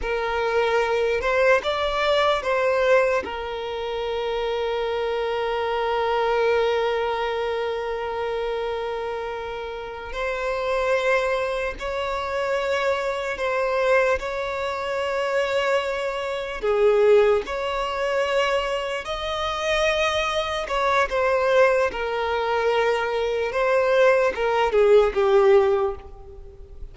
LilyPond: \new Staff \with { instrumentName = "violin" } { \time 4/4 \tempo 4 = 74 ais'4. c''8 d''4 c''4 | ais'1~ | ais'1~ | ais'8 c''2 cis''4.~ |
cis''8 c''4 cis''2~ cis''8~ | cis''8 gis'4 cis''2 dis''8~ | dis''4. cis''8 c''4 ais'4~ | ais'4 c''4 ais'8 gis'8 g'4 | }